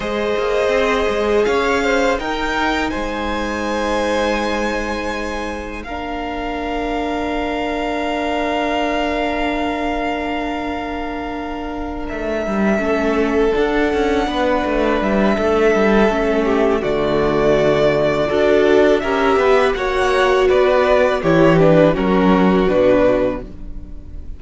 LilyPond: <<
  \new Staff \with { instrumentName = "violin" } { \time 4/4 \tempo 4 = 82 dis''2 f''4 g''4 | gis''1 | f''1~ | f''1~ |
f''8 e''2 fis''4.~ | fis''8 e''2~ e''8 d''4~ | d''2 e''4 fis''4 | d''4 cis''8 b'8 ais'4 b'4 | }
  \new Staff \with { instrumentName = "violin" } { \time 4/4 c''2 cis''8 c''8 ais'4 | c''1 | ais'1~ | ais'1~ |
ais'4. a'2 b'8~ | b'4 a'4. g'8 fis'4~ | fis'4 a'4 ais'8 b'8 cis''4 | b'4 g'4 fis'2 | }
  \new Staff \with { instrumentName = "viola" } { \time 4/4 gis'2. dis'4~ | dis'1 | d'1~ | d'1~ |
d'4. cis'4 d'4.~ | d'2 cis'4 a4~ | a4 fis'4 g'4 fis'4~ | fis'4 e'8 d'8 cis'4 d'4 | }
  \new Staff \with { instrumentName = "cello" } { \time 4/4 gis8 ais8 c'8 gis8 cis'4 dis'4 | gis1 | ais1~ | ais1~ |
ais8 a8 g8 a4 d'8 cis'8 b8 | a8 g8 a8 g8 a4 d4~ | d4 d'4 cis'8 b8 ais4 | b4 e4 fis4 b,4 | }
>>